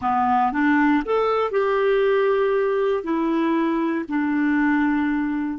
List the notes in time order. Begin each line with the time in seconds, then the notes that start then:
0.01 B3
0.52 D4
1.05 A4
1.51 G4
3.03 E4
4.08 D4